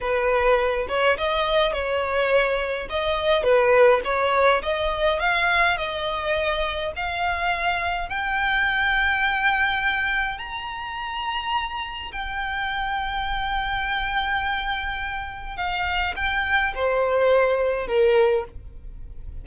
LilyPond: \new Staff \with { instrumentName = "violin" } { \time 4/4 \tempo 4 = 104 b'4. cis''8 dis''4 cis''4~ | cis''4 dis''4 b'4 cis''4 | dis''4 f''4 dis''2 | f''2 g''2~ |
g''2 ais''2~ | ais''4 g''2.~ | g''2. f''4 | g''4 c''2 ais'4 | }